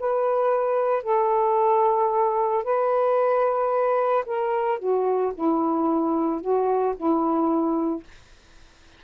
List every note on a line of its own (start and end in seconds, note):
0.00 1.03 B4
1.03 2.64 A4
2.64 4.25 B4
4.26 4.79 A#4
4.79 5.33 F#4
5.35 6.41 E4
6.41 6.95 F#4
6.97 8.04 E4